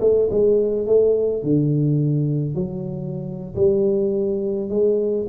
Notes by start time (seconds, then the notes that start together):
0.00 A3
0.30 G#3
0.86 A3
1.43 D3
2.55 F#3
3.55 G3
4.69 G#3